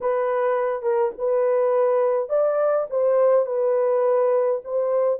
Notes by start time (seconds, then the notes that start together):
0.00 B4
0.82 A#4
1.17 B4
2.29 D5
2.90 C5
3.45 B4
4.64 C5